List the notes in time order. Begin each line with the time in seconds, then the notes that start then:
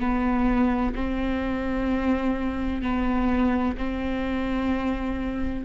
0.00 B3
0.95 C4
2.82 B3
3.78 C4